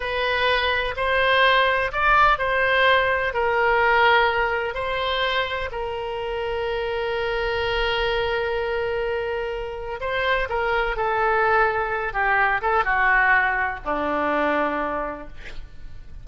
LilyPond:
\new Staff \with { instrumentName = "oboe" } { \time 4/4 \tempo 4 = 126 b'2 c''2 | d''4 c''2 ais'4~ | ais'2 c''2 | ais'1~ |
ais'1~ | ais'4 c''4 ais'4 a'4~ | a'4. g'4 a'8 fis'4~ | fis'4 d'2. | }